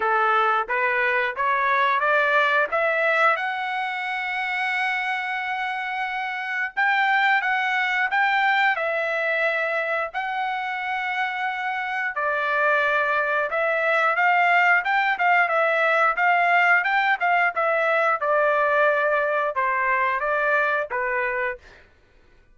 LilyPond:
\new Staff \with { instrumentName = "trumpet" } { \time 4/4 \tempo 4 = 89 a'4 b'4 cis''4 d''4 | e''4 fis''2.~ | fis''2 g''4 fis''4 | g''4 e''2 fis''4~ |
fis''2 d''2 | e''4 f''4 g''8 f''8 e''4 | f''4 g''8 f''8 e''4 d''4~ | d''4 c''4 d''4 b'4 | }